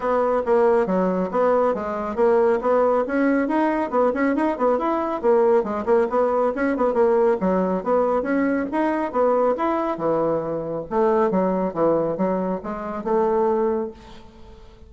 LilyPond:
\new Staff \with { instrumentName = "bassoon" } { \time 4/4 \tempo 4 = 138 b4 ais4 fis4 b4 | gis4 ais4 b4 cis'4 | dis'4 b8 cis'8 dis'8 b8 e'4 | ais4 gis8 ais8 b4 cis'8 b8 |
ais4 fis4 b4 cis'4 | dis'4 b4 e'4 e4~ | e4 a4 fis4 e4 | fis4 gis4 a2 | }